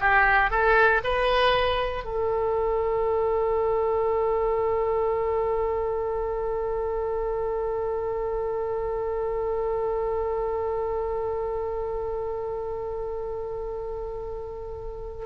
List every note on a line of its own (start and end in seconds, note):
0.00 0.50 G4
0.50 1.01 A4
1.04 2.04 B4
2.04 15.25 A4